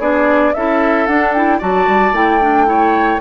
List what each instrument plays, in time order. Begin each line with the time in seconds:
0.00 bassoon B3, clarinet D4, oboe G#4, flute D5
0.54 bassoon C#4, clarinet E4, oboe A4, flute E5
1.07 bassoon D4, clarinet D4, flute F#5
1.33 clarinet E4, flute G5
1.59 bassoon F#3, clarinet F#4, oboe D5, flute A5
1.88 bassoon G3
2.12 bassoon A3, clarinet E4, flute G5
2.41 clarinet D4
2.66 clarinet E4, oboe C#5